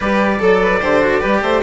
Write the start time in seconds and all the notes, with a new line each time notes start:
0.00 G3 G4 B4 D5
0.39 F#3 A4
0.61 B4
0.79 D3 G4 C5
1.01 F#4
1.20 G3 G4 B4
1.42 A3 C5